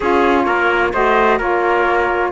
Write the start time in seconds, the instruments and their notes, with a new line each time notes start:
0.00 cello C#4, saxophone F4, trumpet G#4, flute C#5
0.45 cello A#3, trumpet A#4
0.92 cello A3, saxophone F#4, trumpet C5, flute D#5
1.38 cello A#3, saxophone F4, trumpet A#4, flute C#5